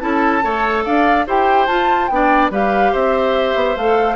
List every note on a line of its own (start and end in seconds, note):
0.00 0.43 C#4
0.00 0.42 E4
0.00 0.44 A4
0.00 0.84 A5
0.42 0.86 A3
0.42 1.26 A4
0.42 0.84 C#5
0.84 1.27 D4
0.84 1.26 D5
0.84 1.26 F5
1.27 1.68 E4
1.27 1.69 G4
1.27 2.11 C5
1.27 1.67 G5
1.67 2.10 F4
1.67 2.07 A5
2.07 2.51 B3
2.07 2.52 D4
2.07 2.49 G5
2.15 2.52 D5
2.51 2.92 G3
2.51 3.77 G4
2.51 2.92 B4
2.51 2.94 F5
2.92 3.55 C4
2.92 4.16 C5
2.92 3.77 E5
3.55 3.76 B3
3.77 4.16 A3
3.77 4.16 A4
3.77 4.16 F5